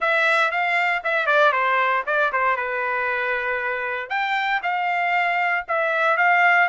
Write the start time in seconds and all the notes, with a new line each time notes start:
0.00 E5
0.51 F5
1.03 E5
1.26 D5
1.52 C5
2.06 D5
2.32 C5
2.56 B4
4.09 G5
4.62 F5
5.67 E5
6.17 F5